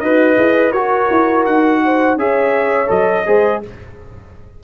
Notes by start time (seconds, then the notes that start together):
0.00 D#4 F#4 B4 D#5
0.36 E4 G#4
0.72 F#4 A#4 C#5
1.11 E4
1.46 D#4 F#5
1.85 C5
2.16 C#4 G#4 C#5 E5
2.87 F#3 A4 D#5
3.27 G#3 G#4 C5